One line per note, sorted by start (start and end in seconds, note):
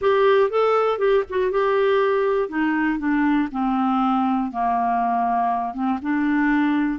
0.01 0.50 G4
0.50 0.98 A4
0.98 1.23 G4
1.29 1.51 F#4
1.51 2.48 G4
2.48 2.98 D#4
2.98 3.48 D4
3.51 4.51 C4
4.51 5.74 A#3
5.74 5.99 C4
6.02 6.99 D4